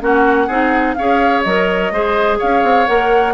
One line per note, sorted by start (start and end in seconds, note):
0.00 0.48 A#3
0.00 0.48 C#4
0.00 0.47 F#4
0.00 0.94 F#5
0.47 0.96 C4
0.47 0.97 D#4
0.47 0.95 G#4
0.94 1.45 C#4
0.94 1.46 G#4
0.94 1.93 C#5
0.94 1.41 F5
1.42 1.91 F#3
1.42 1.92 A#4
1.42 2.37 D#5
1.91 2.38 G#3
1.91 2.87 G#4
1.91 2.38 C5
2.38 2.63 C#4
2.38 3.33 C#5
2.38 2.87 F5
2.63 2.87 C4
2.87 3.34 A#3
2.87 3.34 A#4
2.87 3.34 F#5